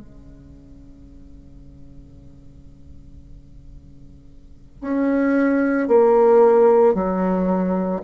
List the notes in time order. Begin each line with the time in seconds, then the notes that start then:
0.00 C#3
4.82 C#4
5.88 A#3
6.94 F#3